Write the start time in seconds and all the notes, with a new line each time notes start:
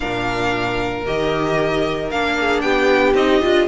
0.00 A#2 D4 A#4 F5
1.05 D#3 G4 D#5
2.10 A#3 D4 F5
2.39 G#4
2.60 B3 G4 G5
3.13 C4 D#4 D#5
3.42 D4 F4